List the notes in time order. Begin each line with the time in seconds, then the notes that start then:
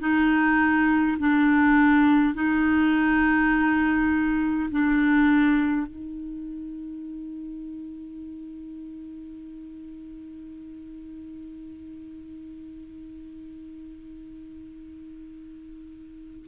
0.00 D#4
1.19 D4
2.34 D#4
4.71 D4
5.87 D#4